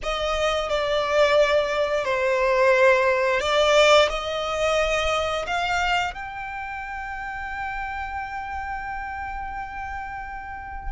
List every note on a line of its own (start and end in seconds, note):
0.02 0.69 D#5
0.69 2.04 D5
2.04 3.40 C5
3.40 4.08 D5
4.09 5.45 D#5
5.46 6.14 F5
6.14 10.91 G5